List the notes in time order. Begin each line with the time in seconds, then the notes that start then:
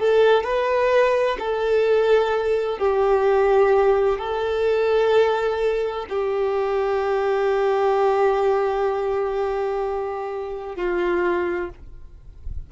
0.00 A4
0.44 B4
1.39 A4
2.79 G4
4.18 A4
6.09 G4
10.76 F4